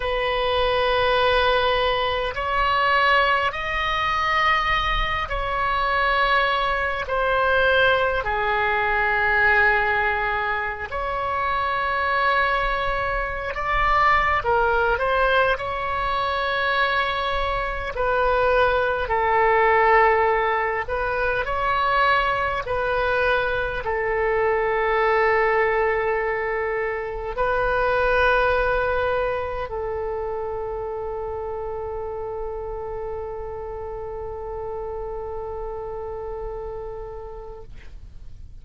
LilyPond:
\new Staff \with { instrumentName = "oboe" } { \time 4/4 \tempo 4 = 51 b'2 cis''4 dis''4~ | dis''8 cis''4. c''4 gis'4~ | gis'4~ gis'16 cis''2~ cis''16 d''8~ | d''16 ais'8 c''8 cis''2 b'8.~ |
b'16 a'4. b'8 cis''4 b'8.~ | b'16 a'2. b'8.~ | b'4~ b'16 a'2~ a'8.~ | a'1 | }